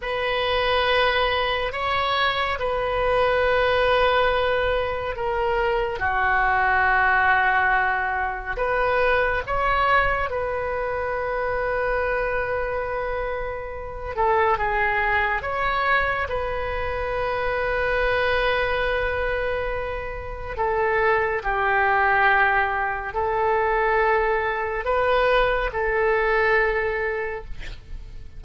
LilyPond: \new Staff \with { instrumentName = "oboe" } { \time 4/4 \tempo 4 = 70 b'2 cis''4 b'4~ | b'2 ais'4 fis'4~ | fis'2 b'4 cis''4 | b'1~ |
b'8 a'8 gis'4 cis''4 b'4~ | b'1 | a'4 g'2 a'4~ | a'4 b'4 a'2 | }